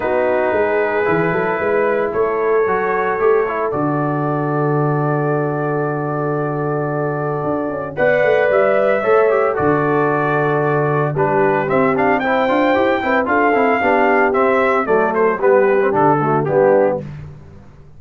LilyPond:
<<
  \new Staff \with { instrumentName = "trumpet" } { \time 4/4 \tempo 4 = 113 b'1 | cis''2. d''4~ | d''1~ | d''2. fis''4 |
e''2 d''2~ | d''4 b'4 e''8 f''8 g''4~ | g''4 f''2 e''4 | d''8 c''8 b'4 a'4 g'4 | }
  \new Staff \with { instrumentName = "horn" } { \time 4/4 fis'4 gis'4. a'8 b'4 | a'1~ | a'1~ | a'2. d''4~ |
d''4 cis''4 a'2~ | a'4 g'2 c''4~ | c''8 b'8 a'4 g'2 | a'4 g'4. fis'8 d'4 | }
  \new Staff \with { instrumentName = "trombone" } { \time 4/4 dis'2 e'2~ | e'4 fis'4 g'8 e'8 fis'4~ | fis'1~ | fis'2. b'4~ |
b'4 a'8 g'8 fis'2~ | fis'4 d'4 c'8 d'8 e'8 f'8 | g'8 e'8 f'8 e'8 d'4 c'4 | a4 b8. c'16 d'8 a8 b4 | }
  \new Staff \with { instrumentName = "tuba" } { \time 4/4 b4 gis4 e8 fis8 gis4 | a4 fis4 a4 d4~ | d1~ | d2 d'8 cis'8 b8 a8 |
g4 a4 d2~ | d4 g4 c'4. d'8 | e'8 c'8 d'8 c'8 b4 c'4 | fis4 g4 d4 g4 | }
>>